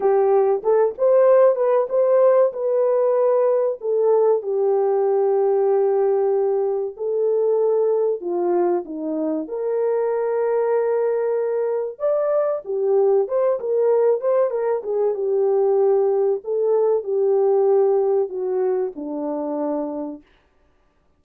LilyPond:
\new Staff \with { instrumentName = "horn" } { \time 4/4 \tempo 4 = 95 g'4 a'8 c''4 b'8 c''4 | b'2 a'4 g'4~ | g'2. a'4~ | a'4 f'4 dis'4 ais'4~ |
ais'2. d''4 | g'4 c''8 ais'4 c''8 ais'8 gis'8 | g'2 a'4 g'4~ | g'4 fis'4 d'2 | }